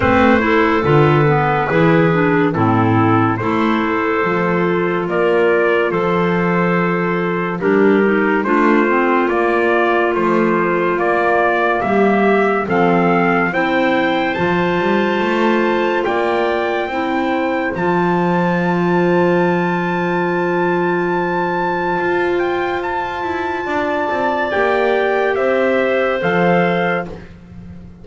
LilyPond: <<
  \new Staff \with { instrumentName = "trumpet" } { \time 4/4 \tempo 4 = 71 c''4 b'2 a'4 | c''2 d''4 c''4~ | c''4 ais'4 c''4 d''4 | c''4 d''4 e''4 f''4 |
g''4 a''2 g''4~ | g''4 a''2.~ | a''2~ a''8 g''8 a''4~ | a''4 g''4 e''4 f''4 | }
  \new Staff \with { instrumentName = "clarinet" } { \time 4/4 b'8 a'4. gis'4 e'4 | a'2 ais'4 a'4~ | a'4 g'4 f'2~ | f'2 g'4 a'4 |
c''2. d''4 | c''1~ | c''1 | d''2 c''2 | }
  \new Staff \with { instrumentName = "clarinet" } { \time 4/4 c'8 e'8 f'8 b8 e'8 d'8 c'4 | e'4 f'2.~ | f'4 d'8 dis'8 d'8 c'8 ais4 | f4 ais2 c'4 |
e'4 f'2. | e'4 f'2.~ | f'1~ | f'4 g'2 a'4 | }
  \new Staff \with { instrumentName = "double bass" } { \time 4/4 a4 d4 e4 a,4 | a4 f4 ais4 f4~ | f4 g4 a4 ais4 | a4 ais4 g4 f4 |
c'4 f8 g8 a4 ais4 | c'4 f2.~ | f2 f'4. e'8 | d'8 c'8 ais4 c'4 f4 | }
>>